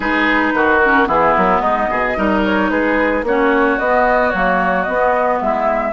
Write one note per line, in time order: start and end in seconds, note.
0.00 0.52 G#3
0.00 0.81 D#4
0.00 0.53 G#4
0.00 0.80 B4
0.53 1.07 D#3
0.53 1.08 F#4
0.80 1.06 C#4
0.80 1.07 A#4
1.06 1.34 E3
1.06 2.14 B3
1.06 1.61 E4
1.06 1.35 G#4
1.36 1.60 F#3
1.36 1.59 A#4
1.59 1.87 G#3
1.59 1.88 D#4
1.59 2.40 D#5
1.90 2.17 B2
1.90 2.17 G#4
2.16 2.70 G3
2.16 3.24 D#4
2.16 2.70 A#4
2.45 2.70 C#5
2.70 3.22 G#3
2.70 3.24 G#4
2.70 3.24 B4
3.22 3.76 A#3
3.22 3.80 C#4
3.22 5.43 F#4
3.22 3.78 C#5
3.78 4.33 B3
3.78 4.30 D#5
4.30 4.87 F#3
4.30 4.86 A#3
4.30 4.83 C#5
4.83 5.92 B3
4.83 5.40 B3
4.83 5.37 D#5
5.40 5.92 G#3
5.40 5.92 E4
5.40 5.92 E5